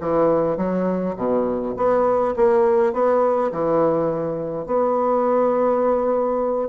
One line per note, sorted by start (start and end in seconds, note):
0.00 0.57 E3
0.57 1.15 F#3
1.16 1.74 B2
1.76 2.34 B3
2.36 2.93 A#3
2.93 3.51 B3
3.52 4.66 E3
4.66 6.68 B3